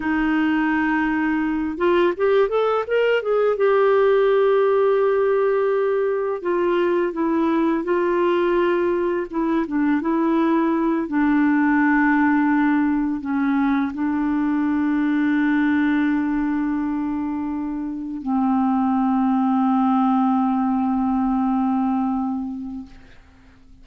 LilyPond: \new Staff \with { instrumentName = "clarinet" } { \time 4/4 \tempo 4 = 84 dis'2~ dis'8 f'8 g'8 a'8 | ais'8 gis'8 g'2.~ | g'4 f'4 e'4 f'4~ | f'4 e'8 d'8 e'4. d'8~ |
d'2~ d'8 cis'4 d'8~ | d'1~ | d'4. c'2~ c'8~ | c'1 | }